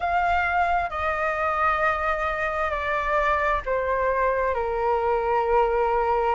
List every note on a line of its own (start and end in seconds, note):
0.00 0.90 F5
0.90 2.70 D#5
2.70 3.61 D5
3.65 4.54 C5
4.54 6.35 A#4